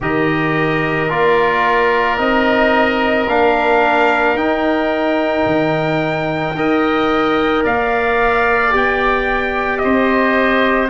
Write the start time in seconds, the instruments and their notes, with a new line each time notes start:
0.00 tuba D#3, trombone G4, oboe A#4, trumpet D#5
1.09 tuba A#3, trombone F4, trumpet D5
2.17 tuba C4, trombone D#4, trumpet D#5
3.27 tuba A#3, trombone D4, trumpet F5
4.34 tuba D#4, trombone D#4, trumpet G5
5.45 tuba D#3
6.54 tuba D#4, trombone A#4, oboe D#5
7.63 tuba A#3, oboe D5, trumpet F5
8.70 tuba B3, trombone G4, trumpet G5
9.78 tuba C4, oboe C5, trumpet D#5